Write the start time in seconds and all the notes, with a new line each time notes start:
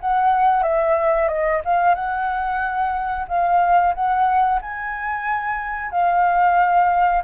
0.00 F#5
0.62 E5
1.28 D#5
1.65 F5
1.95 F#5
3.28 F5
3.94 F#5
4.61 G#5
5.91 F5